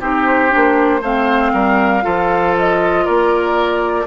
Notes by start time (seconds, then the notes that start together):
0.00 C4 D#4 G4 C5
0.49 D4
0.55 A#3
1.01 A3 C4 C5 F5
1.53 G3 A#4
2.02 F3 F4 A4
2.58 D#5
3.05 A#3 A#4 D5